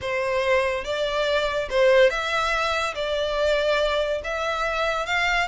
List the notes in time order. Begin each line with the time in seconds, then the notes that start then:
0.01 C5
0.84 D5
1.70 C5
2.10 E5
2.95 D5
4.24 E5
5.06 F5